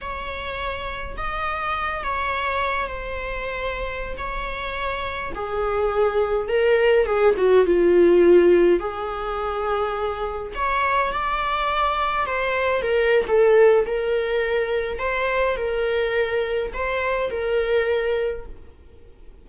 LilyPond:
\new Staff \with { instrumentName = "viola" } { \time 4/4 \tempo 4 = 104 cis''2 dis''4. cis''8~ | cis''4 c''2~ c''16 cis''8.~ | cis''4~ cis''16 gis'2 ais'8.~ | ais'16 gis'8 fis'8 f'2 gis'8.~ |
gis'2~ gis'16 cis''4 d''8.~ | d''4~ d''16 c''4 ais'8. a'4 | ais'2 c''4 ais'4~ | ais'4 c''4 ais'2 | }